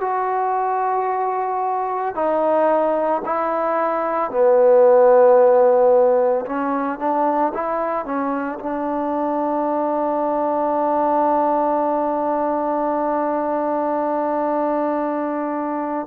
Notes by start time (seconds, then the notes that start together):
0.00 F#4
2.15 D#4
3.25 E4
4.31 B3
6.45 C#4
6.98 D4
7.54 E4
8.05 C#4
8.59 D4